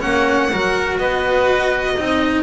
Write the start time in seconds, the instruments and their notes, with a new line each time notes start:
0.00 double bass A#3, cello C#4, oboe F#4, violin F#5
0.52 double bass F#3, cello F#4, oboe A#4
0.98 double bass B3, oboe B4, violin D#5
1.94 double bass C4, cello D#4, oboe D#5